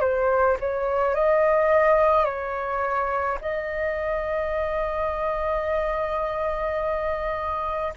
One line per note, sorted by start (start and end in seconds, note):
0.00 0.57 C5
0.60 1.14 C#5
1.14 2.25 D#5
2.25 3.38 C#5
3.41 7.93 D#5